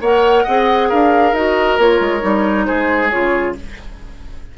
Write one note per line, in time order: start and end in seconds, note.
0.00 0.44 A#3
0.00 0.48 A#4
0.00 0.43 C#5
0.00 0.90 F#5
0.43 0.91 C4
0.43 1.35 G#4
0.43 0.88 D#5
0.88 1.32 D4
0.88 2.66 A#4
0.88 1.34 F5
1.32 1.77 D#4
1.32 1.79 F#4
1.32 1.79 D#5
1.78 2.00 A#3
1.78 2.20 F4
1.78 2.65 C#5
2.00 2.22 G#3
2.20 2.67 G3
2.20 3.09 D#4
2.65 3.13 G#3
2.65 3.55 G#4
2.65 3.09 C5
3.10 3.57 C#3
3.10 3.55 F4
3.10 3.54 C#5